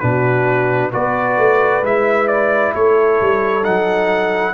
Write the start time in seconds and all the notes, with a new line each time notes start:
0.00 B2 D4 F#4 B4
0.92 B3 F#4 B4 D5
1.38 A3
1.83 G#3 E4 E5
2.28 D5
2.74 A3 A4 C#5
3.21 G3
3.63 F#3 D#4 F#5